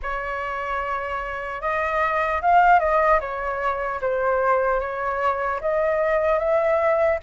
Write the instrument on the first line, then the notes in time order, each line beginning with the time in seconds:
flute
0.02 C#5
1.61 D#5
2.41 F5
2.79 D#5
3.20 C#5
4.01 C5
4.80 C#5
5.60 D#5
6.39 E5